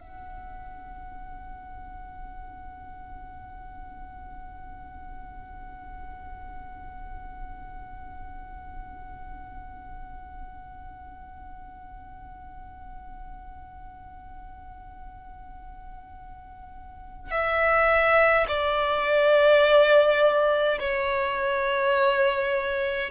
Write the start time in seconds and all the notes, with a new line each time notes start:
0.00 F#5
17.31 E5
18.48 D5
20.79 C#5